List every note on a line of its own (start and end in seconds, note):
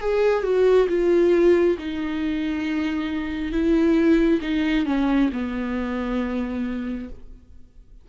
0.00 0.43 G#4
0.43 0.87 F#4
0.89 1.77 F4
1.78 3.52 D#4
3.52 4.40 E4
4.41 4.85 D#4
4.86 5.30 C#4
5.32 7.09 B3